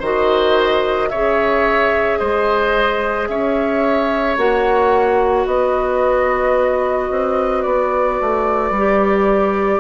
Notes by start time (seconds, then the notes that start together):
0.00 D#3 F#4 C5 D#5
1.10 C#3 G#4 C#5 E5
2.19 G#3 C5 D#5
3.28 C#4 C#5 E5
4.37 A#3 F#4 F#5
5.46 B3 B4 D#5
7.11 C4
7.63 B3 D5
8.21 A3
8.71 G3
8.77 G4